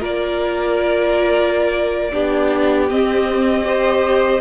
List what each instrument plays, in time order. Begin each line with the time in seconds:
0.00 cello A#3, viola F4, violin A#4 D5
2.12 cello B3, viola D4, violin G4
2.90 viola C4, cello C4, violin D#5
3.64 viola G4, violin C5